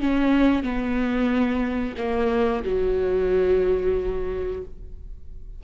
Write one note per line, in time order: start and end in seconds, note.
0.00 0.63 C#4
0.63 1.95 B3
1.98 2.63 A#3
2.64 4.62 F#3